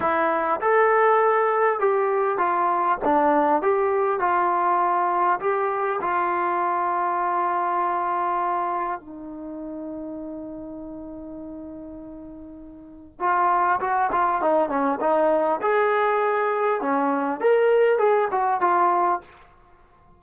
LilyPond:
\new Staff \with { instrumentName = "trombone" } { \time 4/4 \tempo 4 = 100 e'4 a'2 g'4 | f'4 d'4 g'4 f'4~ | f'4 g'4 f'2~ | f'2. dis'4~ |
dis'1~ | dis'2 f'4 fis'8 f'8 | dis'8 cis'8 dis'4 gis'2 | cis'4 ais'4 gis'8 fis'8 f'4 | }